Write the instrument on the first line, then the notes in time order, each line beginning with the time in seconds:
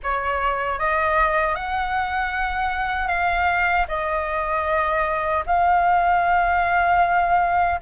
flute
0.03 C#5
0.78 D#5
1.55 F#5
3.08 F5
3.87 D#5
5.46 F5